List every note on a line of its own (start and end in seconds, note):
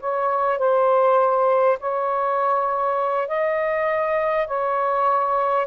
0.00 0.58 C#5
0.58 1.78 C5
1.79 3.28 C#5
3.28 4.47 D#5
4.47 5.67 C#5